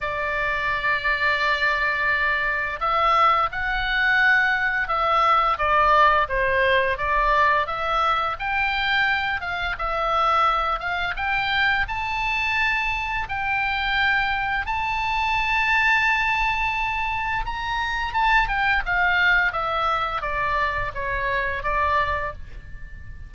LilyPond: \new Staff \with { instrumentName = "oboe" } { \time 4/4 \tempo 4 = 86 d''1 | e''4 fis''2 e''4 | d''4 c''4 d''4 e''4 | g''4. f''8 e''4. f''8 |
g''4 a''2 g''4~ | g''4 a''2.~ | a''4 ais''4 a''8 g''8 f''4 | e''4 d''4 cis''4 d''4 | }